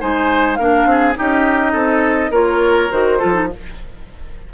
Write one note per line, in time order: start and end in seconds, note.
0.00 0.59 G#3
0.00 0.58 D#4
0.00 0.59 C5
0.00 0.55 G#5
0.55 0.85 A#3
0.55 1.15 D4
0.55 0.88 A#4
0.55 1.13 F5
0.85 1.14 C4
0.85 1.18 G#4
1.15 1.74 C#4
1.15 2.31 D#4
1.15 1.72 G4
1.15 2.33 D#5
1.72 2.30 C4
1.72 2.31 A4
2.30 2.89 A#3
2.30 2.91 F4
2.30 3.18 A#4
2.30 2.92 C#5
2.91 3.21 D#3
2.91 3.19 F#4
2.91 3.50 C5
3.19 3.54 F3
3.19 3.33 F4
3.19 3.48 A4
3.33 3.48 D#4